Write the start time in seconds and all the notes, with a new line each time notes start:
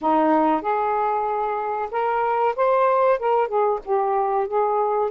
0.01 D#4
0.61 G#4
1.91 A#4
2.55 C5
3.19 A#4
3.48 G#4
3.85 G4
4.47 G#4